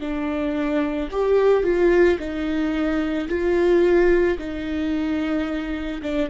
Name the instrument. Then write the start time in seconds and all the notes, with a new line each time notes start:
viola
0.00 D4
1.11 G4
1.63 F4
2.19 D#4
3.29 F4
4.38 D#4
6.02 D4